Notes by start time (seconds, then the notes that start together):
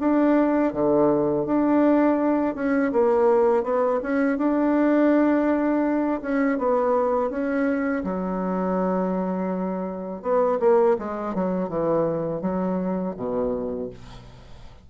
0.00 D4
0.73 D3
1.46 D4
2.55 C#4
2.92 A#3
3.64 B3
4.02 C#4
4.38 D4
6.22 C#4
6.59 B3
7.30 C#4
8.04 F#3
10.22 B3
10.60 A#3
10.99 G#3
11.35 F#3
11.69 E3
12.41 F#3
13.17 B2